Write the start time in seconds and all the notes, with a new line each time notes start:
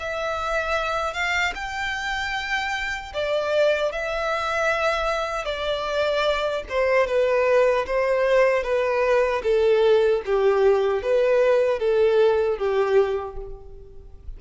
0.00 E5
1.14 F5
1.55 G5
3.14 D5
3.92 E5
5.45 D5
6.69 C5
7.07 B4
7.86 C5
8.63 B4
9.43 A4
10.26 G4
11.02 B4
11.80 A4
12.58 G4